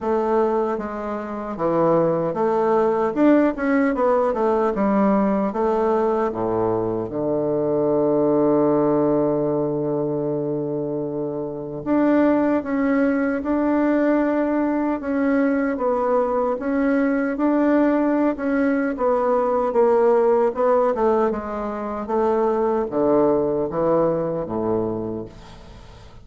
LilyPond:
\new Staff \with { instrumentName = "bassoon" } { \time 4/4 \tempo 4 = 76 a4 gis4 e4 a4 | d'8 cis'8 b8 a8 g4 a4 | a,4 d2.~ | d2. d'4 |
cis'4 d'2 cis'4 | b4 cis'4 d'4~ d'16 cis'8. | b4 ais4 b8 a8 gis4 | a4 d4 e4 a,4 | }